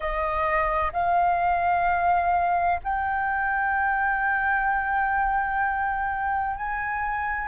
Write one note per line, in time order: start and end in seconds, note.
0.00 0.92 D#5
0.92 2.80 F5
2.83 6.56 G5
6.56 7.47 G#5